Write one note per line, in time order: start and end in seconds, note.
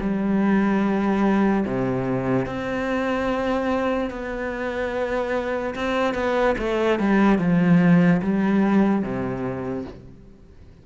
0.00 1.64 G3
1.65 2.45 C3
2.45 4.10 C4
4.10 5.74 B3
5.75 6.14 C4
6.14 6.55 B3
6.58 6.99 A3
6.99 7.39 G3
7.39 8.21 F3
8.22 9.02 G3
9.02 9.84 C3